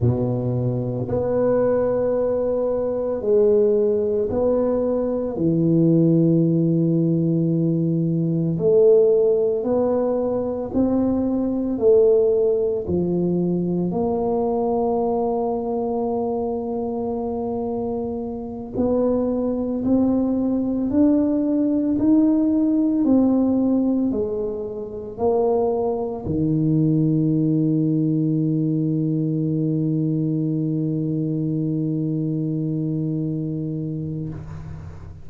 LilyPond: \new Staff \with { instrumentName = "tuba" } { \time 4/4 \tempo 4 = 56 b,4 b2 gis4 | b4 e2. | a4 b4 c'4 a4 | f4 ais2.~ |
ais4. b4 c'4 d'8~ | d'8 dis'4 c'4 gis4 ais8~ | ais8 dis2.~ dis8~ | dis1 | }